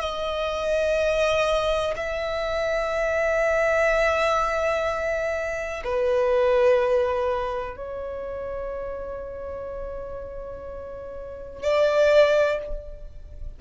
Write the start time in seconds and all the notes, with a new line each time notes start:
0.00 D#5
1.96 E5
5.84 B4
7.76 C#5
11.62 D5